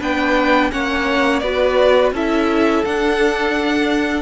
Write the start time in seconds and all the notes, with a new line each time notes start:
0.00 B3 D4 B4 G5
0.71 A#3 C#4 C#5 F#5
1.39 B3 F#4 B4 D5
2.12 C#4 E4 A4 E5
2.84 D4 F#5